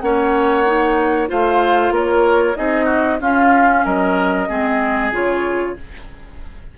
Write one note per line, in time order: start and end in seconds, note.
0.00 1.29 A#3
0.00 0.66 C#4
0.00 1.29 C#5
0.00 1.28 F#5
0.66 1.27 D#4
1.27 1.91 A3
1.27 2.55 F4
1.27 1.93 C5
1.27 1.94 F5
1.91 2.54 A#3
1.91 2.57 A#4
1.91 2.56 C#5
2.55 3.20 C4
2.55 3.19 D#4
2.55 2.85 G#4
2.55 3.19 D#5
2.85 3.17 F#4
3.20 3.84 C#4
3.20 4.49 C#4
3.20 3.84 F4
3.20 3.85 F5
3.84 4.49 F#3
3.84 4.48 A#4
3.84 5.12 D#5
4.48 5.11 G#3
4.48 5.12 C4
4.48 5.76 G#4
5.11 5.75 C#3
5.11 5.76 F4
5.11 5.78 C#5